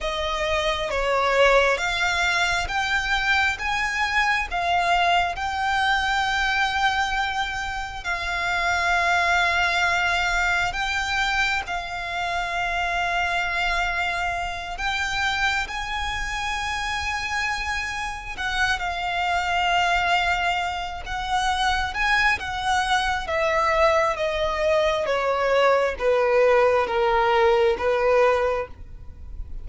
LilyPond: \new Staff \with { instrumentName = "violin" } { \time 4/4 \tempo 4 = 67 dis''4 cis''4 f''4 g''4 | gis''4 f''4 g''2~ | g''4 f''2. | g''4 f''2.~ |
f''8 g''4 gis''2~ gis''8~ | gis''8 fis''8 f''2~ f''8 fis''8~ | fis''8 gis''8 fis''4 e''4 dis''4 | cis''4 b'4 ais'4 b'4 | }